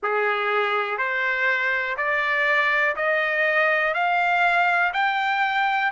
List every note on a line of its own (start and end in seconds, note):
0.02 0.97 G#4
0.97 1.96 C5
1.97 2.95 D5
2.96 3.93 D#5
3.93 4.92 F5
4.93 5.91 G5